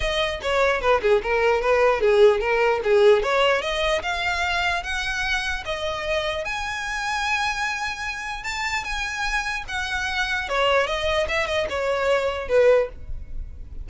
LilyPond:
\new Staff \with { instrumentName = "violin" } { \time 4/4 \tempo 4 = 149 dis''4 cis''4 b'8 gis'8 ais'4 | b'4 gis'4 ais'4 gis'4 | cis''4 dis''4 f''2 | fis''2 dis''2 |
gis''1~ | gis''4 a''4 gis''2 | fis''2 cis''4 dis''4 | e''8 dis''8 cis''2 b'4 | }